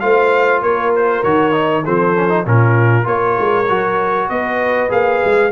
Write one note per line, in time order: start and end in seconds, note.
0.00 0.62 A3
0.00 1.23 F4
0.00 0.61 C5
0.00 0.61 F5
0.61 1.23 A#3
0.61 1.84 A#4
0.61 0.93 C#5
0.96 1.23 C5
1.23 1.85 D#3
1.23 1.52 F#4
1.23 1.84 C#5
1.52 1.83 D#4
1.84 2.46 F3
1.84 2.16 C4
1.84 2.45 A4
1.84 2.46 C5
2.16 2.29 C#4
2.29 2.44 D#4
2.45 3.06 A#2
2.45 3.04 C#4
2.45 3.06 F4
2.45 3.07 A#4
3.04 3.37 A#3
3.04 3.65 F4
3.04 4.29 A#4
3.04 4.29 C#5
3.39 3.69 G#3
3.68 4.29 F#3
3.68 4.89 F#4
4.29 4.91 B3
4.29 5.52 B4
4.29 4.90 D#5
4.89 5.22 A#3
4.89 5.51 G#4
4.89 5.52 F5
5.25 5.52 G#3